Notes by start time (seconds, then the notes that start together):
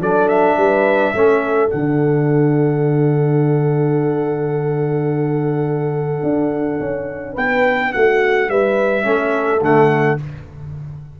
0.00 F#3 D4 A4 D5
0.28 E5
0.56 G3 B4
1.13 A3 C#4 A4
1.69 D3 D4 F#5
6.23 D4
6.79 C#4
7.33 B3 B4 G5
7.92 A3 F#4 F#5
8.49 G3 B4 E5
9.03 A3 C#4 A4
9.61 D3 A3 F#5